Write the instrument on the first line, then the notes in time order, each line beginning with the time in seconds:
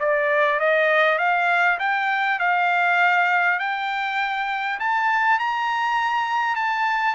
trumpet
0.00 D5
0.60 D#5
1.19 F5
1.80 G5
2.40 F5
3.60 G5
4.80 A5
5.40 A#5
6.56 A5